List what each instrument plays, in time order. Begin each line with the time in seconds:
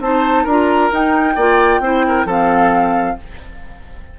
0.00 bassoon C4, clarinet D#4, oboe C5, flute A5
0.44 bassoon D4, clarinet F4, oboe A#4, flute A#5
0.92 clarinet D#4, bassoon D#4, flute G5
1.36 bassoon A#3, clarinet F4, oboe D5
1.80 bassoon C4, clarinet E4, oboe C5
2.08 oboe A#4
2.26 bassoon F3, clarinet C4, oboe A4, flute F5